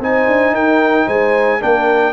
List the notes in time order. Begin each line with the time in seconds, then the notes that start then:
0.00 C4 D#4 C5 G#5
0.28 D4
0.52 D#4 A#4 G5
1.06 G#3 C5 G#5
1.60 A#3 D4 A#4 G5